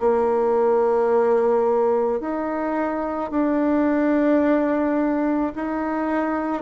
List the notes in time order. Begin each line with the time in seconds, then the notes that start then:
0.00 A#3
2.20 D#4
3.31 D4
5.56 D#4